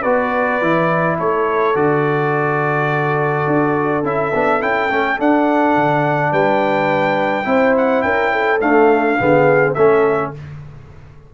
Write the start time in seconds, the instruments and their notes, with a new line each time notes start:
0.00 tuba B3, trombone F#4, horn B4, trumpet D5
0.61 tuba E3, trombone E4
1.17 tuba A3, horn A4, trumpet C#5
1.74 tuba D3, trombone F#4, trumpet D5
3.47 tuba D4
4.03 tuba C#4, trombone E4, trumpet E5
4.34 tuba B3, trombone D4
4.60 tuba C#4, trombone E4, trumpet G5
4.89 tuba A3, trombone C#4
5.18 trombone D4, tuba D4, trumpet F#5
5.76 tuba D3
6.31 tuba G3, horn B4, trumpet G5
7.44 tuba C4, trombone E4, horn C5
7.77 trumpet F#5
8.02 tuba C#4, horn A#4, trumpet G5
8.32 horn A4
8.60 trombone A3, tuba D4, trumpet F5
9.18 tuba D3, trombone B3, horn G#4
9.74 tuba A3, trombone C#4, horn A4, trumpet E5